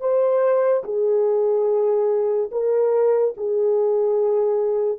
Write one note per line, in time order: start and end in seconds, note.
0.00 0.83 C5
0.84 2.50 G#4
2.52 3.35 A#4
3.37 4.99 G#4